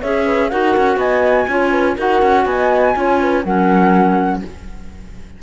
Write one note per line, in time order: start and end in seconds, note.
0.00 0.52 C#4
0.00 0.51 G#4
0.00 0.24 C#5
0.00 0.49 E5
0.25 0.50 B4
0.49 0.76 D#4
0.49 1.48 F#4
0.49 0.99 A#4
0.49 0.98 F#5
0.77 0.97 C#4
0.97 1.46 B3
0.97 1.48 D#5
0.97 1.96 G#5
1.48 1.96 C#4
1.48 1.97 F4
1.48 1.71 C#5
1.71 1.95 B4
1.95 2.22 D#4
1.95 2.95 F#4
1.95 2.44 A#4
1.95 2.46 F#5
2.22 2.46 C#4
2.46 2.94 B3
2.46 2.97 D#5
2.46 3.43 G#5
2.95 3.45 C#4
2.95 3.44 F4
2.95 3.21 C#5
3.21 3.44 B4
3.44 4.42 F#3
3.44 4.42 C#4
3.44 4.42 A#4
3.44 4.41 F#5